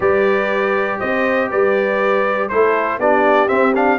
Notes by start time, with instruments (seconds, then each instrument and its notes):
0.00 tuba G3, trombone G4, horn B4, trumpet D5
0.99 tuba C4, horn C5, trumpet D#5
1.50 tuba G3, horn B4, trumpet D5
2.48 tuba A3, trombone E4, horn A4, trumpet C5
2.98 tuba B3, trombone D4, horn G4, trumpet D5
3.48 trombone C4, tuba C4, trumpet E5
3.75 trombone D4, trumpet F5